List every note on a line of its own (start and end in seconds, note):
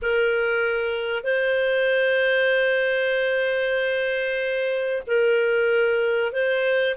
0.01 1.23 A#4
1.23 5.02 C5
5.06 6.32 A#4
6.32 6.95 C5